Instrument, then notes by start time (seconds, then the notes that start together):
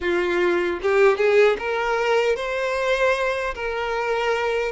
violin
0.00 F4
0.81 G4
1.17 G#4
1.58 A#4
2.36 C5
3.54 A#4